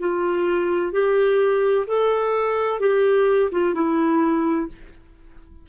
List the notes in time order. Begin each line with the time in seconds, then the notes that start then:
0.00 F4
0.93 G4
1.87 A4
2.80 G4
3.52 F4
3.75 E4